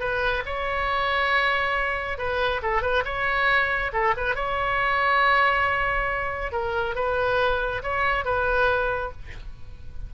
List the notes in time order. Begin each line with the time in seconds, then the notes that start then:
0.00 B4
0.45 C#5
2.18 B4
2.63 A4
2.82 B4
3.05 C#5
3.93 A4
4.17 B4
4.35 C#5
6.52 A#4
6.95 B4
7.83 C#5
8.25 B4